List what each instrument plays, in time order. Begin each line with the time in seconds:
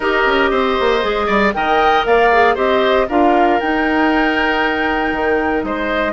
0.00 bassoon D#4, clarinet G4, oboe A#4, flute D#5
0.25 bassoon C#4
0.50 bassoon C4, oboe C5
0.80 bassoon A#3
1.01 bassoon G#3, clarinet G#4
1.26 bassoon G3, oboe D5
1.53 bassoon D#3, clarinet A#4, oboe D#5, flute G5
2.05 bassoon A#3, oboe D5, flute F5
2.31 clarinet G#4
2.54 bassoon C4, clarinet G4, oboe C5, flute D#5
3.08 bassoon D4, clarinet F4, oboe A#4, flute F5
3.60 bassoon D#4, clarinet D#4, flute G5
5.12 bassoon D#3
5.63 bassoon G#3, oboe C5, flute D#5